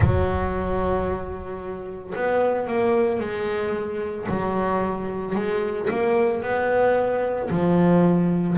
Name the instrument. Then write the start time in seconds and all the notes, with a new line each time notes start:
double bass
0.00 F#3
2.15 B3
2.67 A#3
3.19 G#3
4.29 F#3
5.35 G#3
5.90 A#3
6.42 B3
7.50 F3